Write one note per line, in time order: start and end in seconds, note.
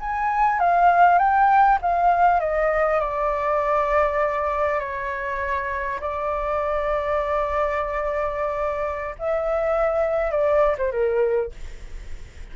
0.00 0.59 G#5
0.59 1.18 F5
1.18 1.78 G5
1.82 2.40 F5
2.40 3.00 D#5
3.00 4.80 D5
4.80 6.00 C#5
6.01 9.16 D5
9.19 10.31 E5
10.31 10.76 D5
10.78 10.92 C5
10.92 11.52 A#4